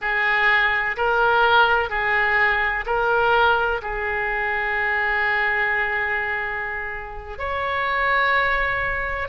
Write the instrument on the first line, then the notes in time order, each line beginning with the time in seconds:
oboe
0.01 G#4
0.97 A#4
1.89 G#4
2.86 A#4
3.81 G#4
7.38 C#5